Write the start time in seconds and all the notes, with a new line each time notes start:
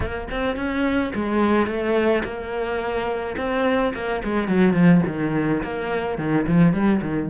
0.00 A#3
0.30 C4
0.56 C#4
1.14 G#3
1.67 A3
2.24 A#3
3.37 C4
3.94 A#3
4.24 G#3
4.48 F#3
4.73 F3
5.06 D#3
5.63 A#3
6.18 D#3
6.47 F3
6.72 G3
7.02 D#3